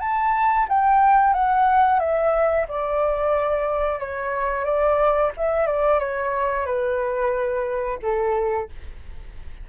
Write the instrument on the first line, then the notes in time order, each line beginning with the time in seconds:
flute
0.00 A5
0.69 G5
1.34 F#5
2.00 E5
2.69 D5
4.00 C#5
4.65 D5
5.37 E5
5.67 D5
5.99 C#5
6.66 B4
8.02 A4